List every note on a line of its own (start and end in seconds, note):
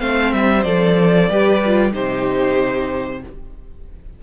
0.00 0.33 A3
0.00 0.65 C4
0.00 1.29 C5
0.00 0.33 F5
0.33 0.65 G3
0.33 0.63 E5
0.63 1.29 F3
0.63 1.30 A4
0.63 1.92 D5
1.29 1.94 G3
1.29 1.62 G4
1.29 1.93 B4
1.66 1.92 F4
1.92 3.23 C3
1.92 3.21 D#4
1.92 3.22 G4
1.92 3.23 C5